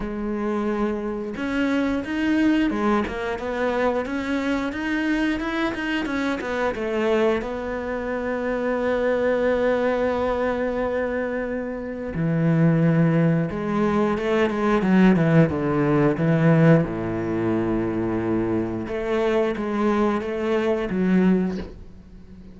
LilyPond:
\new Staff \with { instrumentName = "cello" } { \time 4/4 \tempo 4 = 89 gis2 cis'4 dis'4 | gis8 ais8 b4 cis'4 dis'4 | e'8 dis'8 cis'8 b8 a4 b4~ | b1~ |
b2 e2 | gis4 a8 gis8 fis8 e8 d4 | e4 a,2. | a4 gis4 a4 fis4 | }